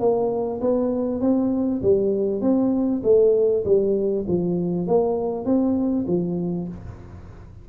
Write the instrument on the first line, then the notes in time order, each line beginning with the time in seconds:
tuba
0.00 A#3
0.61 B3
1.21 C4
1.82 G3
2.42 C4
3.04 A3
3.65 G3
4.28 F3
4.88 A#3
5.45 C4
6.08 F3